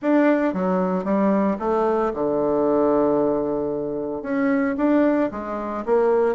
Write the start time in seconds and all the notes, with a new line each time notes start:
0.01 D4
0.53 F#3
1.04 G3
1.59 A3
2.14 D3
4.22 C#4
4.77 D4
5.31 G#3
5.85 A#3